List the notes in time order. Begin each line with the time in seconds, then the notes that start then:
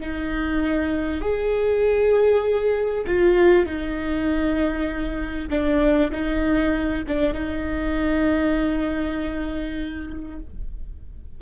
0.00 D#4
1.21 G#4
3.07 F4
3.66 D#4
5.50 D4
6.11 D#4
7.07 D4
7.33 D#4